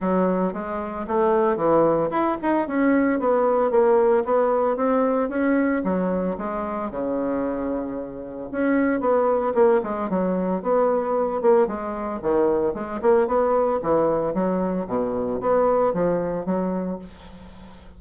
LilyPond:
\new Staff \with { instrumentName = "bassoon" } { \time 4/4 \tempo 4 = 113 fis4 gis4 a4 e4 | e'8 dis'8 cis'4 b4 ais4 | b4 c'4 cis'4 fis4 | gis4 cis2. |
cis'4 b4 ais8 gis8 fis4 | b4. ais8 gis4 dis4 | gis8 ais8 b4 e4 fis4 | b,4 b4 f4 fis4 | }